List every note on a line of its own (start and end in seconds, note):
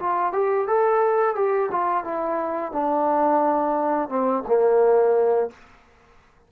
0.00 0.33 F4
0.33 0.68 G4
0.68 1.36 A4
1.36 1.71 G4
1.72 2.05 F4
2.05 2.73 E4
2.73 4.09 D4
4.09 4.44 C4
4.47 5.51 A#3